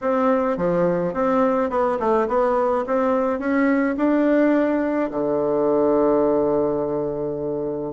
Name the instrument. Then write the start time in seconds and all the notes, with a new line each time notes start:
bassoon
0.01 C4
0.57 F3
1.13 C4
1.70 B3
1.99 A3
2.28 B3
2.86 C4
3.39 C#4
3.97 D4
5.10 D3